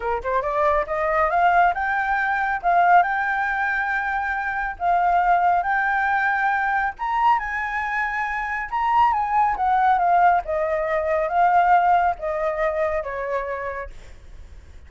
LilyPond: \new Staff \with { instrumentName = "flute" } { \time 4/4 \tempo 4 = 138 ais'8 c''8 d''4 dis''4 f''4 | g''2 f''4 g''4~ | g''2. f''4~ | f''4 g''2. |
ais''4 gis''2. | ais''4 gis''4 fis''4 f''4 | dis''2 f''2 | dis''2 cis''2 | }